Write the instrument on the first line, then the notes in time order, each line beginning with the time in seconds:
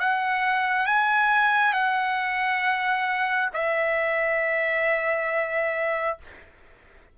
trumpet
0.00 F#5
0.87 G#5
1.74 F#5
3.54 E5